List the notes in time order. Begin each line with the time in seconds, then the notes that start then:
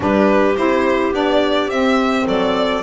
0.00 G3 D4 G4 B4
0.56 C4 E4 C5
1.12 B3 D4 D5
1.67 C4 E5
2.27 F#3 A4 D5